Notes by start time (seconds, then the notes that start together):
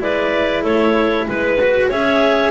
0.00 G#3 E4 B4 D5
0.63 A3 A4 C#5
1.27 G#3 B4
1.61 F#4
1.89 C#4 G#4 C#5 E5